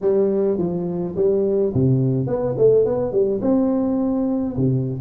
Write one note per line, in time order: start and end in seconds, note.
0.01 0.58 G3
0.58 1.15 F3
1.16 1.73 G3
1.74 2.26 C3
2.26 2.55 B3
2.57 2.85 A3
2.85 3.12 B3
3.12 3.40 G3
3.41 4.56 C4
4.56 4.99 C3